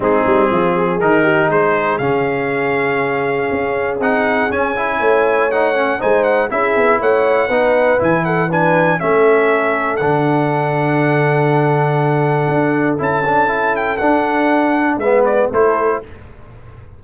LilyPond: <<
  \new Staff \with { instrumentName = "trumpet" } { \time 4/4 \tempo 4 = 120 gis'2 ais'4 c''4 | f''1 | fis''4 gis''2 fis''4 | gis''8 fis''8 e''4 fis''2 |
gis''8 fis''8 gis''4 e''2 | fis''1~ | fis''2 a''4. g''8 | fis''2 e''8 d''8 c''4 | }
  \new Staff \with { instrumentName = "horn" } { \time 4/4 dis'4 f'8 gis'4 g'8 gis'4~ | gis'1~ | gis'2 cis''2 | c''4 gis'4 cis''4 b'4~ |
b'8 a'8 b'4 a'2~ | a'1~ | a'1~ | a'2 b'4 a'4 | }
  \new Staff \with { instrumentName = "trombone" } { \time 4/4 c'2 dis'2 | cis'1 | dis'4 cis'8 e'4. dis'8 cis'8 | dis'4 e'2 dis'4 |
e'4 d'4 cis'2 | d'1~ | d'2 e'8 d'8 e'4 | d'2 b4 e'4 | }
  \new Staff \with { instrumentName = "tuba" } { \time 4/4 gis8 g8 f4 dis4 gis4 | cis2. cis'4 | c'4 cis'4 a2 | gis4 cis'8 b8 a4 b4 |
e2 a2 | d1~ | d4 d'4 cis'2 | d'2 gis4 a4 | }
>>